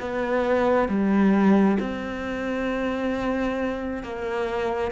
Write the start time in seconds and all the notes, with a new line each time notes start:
0.00 B3
0.89 G3
1.80 C4
4.03 A#3